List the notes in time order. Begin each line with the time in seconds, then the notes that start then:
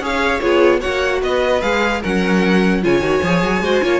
0.00 C#4 G#4 C#5 F5
0.40 B3 F4 G#4 C#5
0.80 A#3 F#4 C#5 F#5
1.21 B3 B4 D#5
1.61 G#3 G#4 F5
2.01 F#3 C#4 A#4 F#5
2.82 C#3 F4 C#5 G#5
3.00 D#3 F#4
3.23 F3 G#4
3.43 F#3
3.61 G#3 F#4 C5
3.83 A#3 F4 C#5